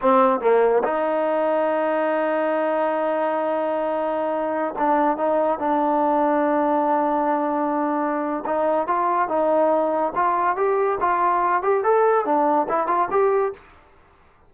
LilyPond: \new Staff \with { instrumentName = "trombone" } { \time 4/4 \tempo 4 = 142 c'4 ais4 dis'2~ | dis'1~ | dis'2.~ dis'16 d'8.~ | d'16 dis'4 d'2~ d'8.~ |
d'1 | dis'4 f'4 dis'2 | f'4 g'4 f'4. g'8 | a'4 d'4 e'8 f'8 g'4 | }